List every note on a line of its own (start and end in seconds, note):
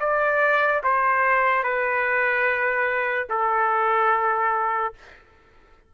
0.00 0.82 D5
0.83 1.63 C5
1.63 3.28 B4
3.30 4.94 A4